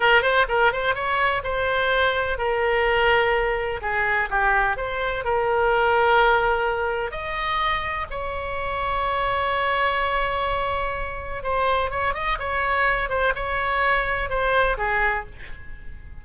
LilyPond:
\new Staff \with { instrumentName = "oboe" } { \time 4/4 \tempo 4 = 126 ais'8 c''8 ais'8 c''8 cis''4 c''4~ | c''4 ais'2. | gis'4 g'4 c''4 ais'4~ | ais'2. dis''4~ |
dis''4 cis''2.~ | cis''1 | c''4 cis''8 dis''8 cis''4. c''8 | cis''2 c''4 gis'4 | }